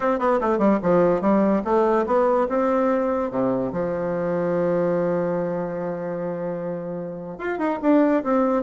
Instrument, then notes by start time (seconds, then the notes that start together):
bassoon
0.00 C4
0.19 B3
0.40 A3
0.58 G3
0.82 F3
1.21 G3
1.64 A3
2.06 B3
2.48 C4
3.30 C3
3.72 F3
7.38 F4
7.58 D#4
7.82 D4
8.23 C4